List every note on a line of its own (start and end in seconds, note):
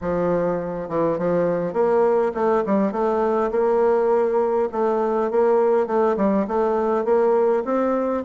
0.01 0.89 F3
0.89 1.18 E3
1.18 1.73 F3
1.73 2.32 A#3
2.34 2.63 A3
2.66 2.92 G3
2.92 3.51 A3
3.51 4.68 A#3
4.72 5.30 A3
5.30 5.86 A#3
5.86 6.16 A3
6.16 6.46 G3
6.47 7.05 A3
7.05 7.63 A#3
7.64 8.23 C4